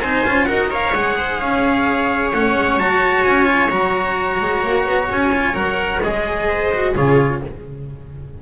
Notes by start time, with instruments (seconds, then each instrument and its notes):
0.00 double bass C4, cello D#4, viola C5, trumpet G#5
0.25 double bass C#4, cello F4
0.45 double bass D#4, cello F#4, viola A#4, trumpet F#5
0.69 cello A#4, viola C#5, trumpet F5
0.94 double bass G#3, cello G#4, trumpet F#5
1.17 viola C5
1.39 double bass C#4, viola C#5, trumpet F5
2.32 double bass A3, cello C#4, trumpet F#5
2.55 double bass G#3
2.75 double bass F#3, cello F#4, trumpet A5
3.24 double bass C#4, trumpet G#5
3.45 cello F4
3.69 double bass F#3, cello F#4, trumpet A#5
4.40 double bass G#3
4.63 double bass A#3
4.86 double bass B3
5.10 double bass C#4, trumpet G#5
5.32 cello F4
5.53 double bass F#3, cello A#4, trumpet F#5
6.03 double bass G#3, cello G#4, trumpet D#5
6.47 viola C5
6.73 cello F#4
6.94 double bass C#3, cello F4, viola G#4, trumpet C#5